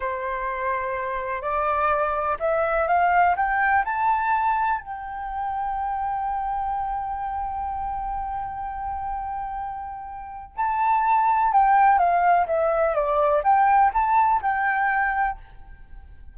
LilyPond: \new Staff \with { instrumentName = "flute" } { \time 4/4 \tempo 4 = 125 c''2. d''4~ | d''4 e''4 f''4 g''4 | a''2 g''2~ | g''1~ |
g''1~ | g''2 a''2 | g''4 f''4 e''4 d''4 | g''4 a''4 g''2 | }